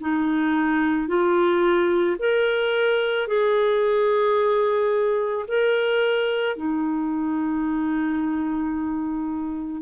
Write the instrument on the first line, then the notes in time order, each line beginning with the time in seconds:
clarinet
0.00 D#4
1.07 F4
2.18 A#4
3.27 G#4
5.47 A#4
6.56 D#4